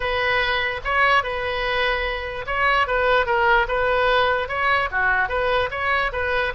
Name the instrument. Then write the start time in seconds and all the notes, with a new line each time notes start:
oboe
0.00 B4
0.84 C#5
1.23 B4
2.46 C#5
2.87 B4
3.26 A#4
3.67 B4
4.48 C#5
4.91 F#4
5.28 B4
5.71 C#5
6.12 B4